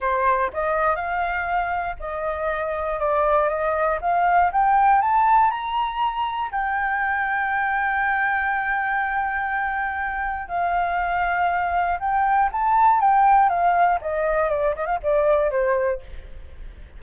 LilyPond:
\new Staff \with { instrumentName = "flute" } { \time 4/4 \tempo 4 = 120 c''4 dis''4 f''2 | dis''2 d''4 dis''4 | f''4 g''4 a''4 ais''4~ | ais''4 g''2.~ |
g''1~ | g''4 f''2. | g''4 a''4 g''4 f''4 | dis''4 d''8 dis''16 f''16 d''4 c''4 | }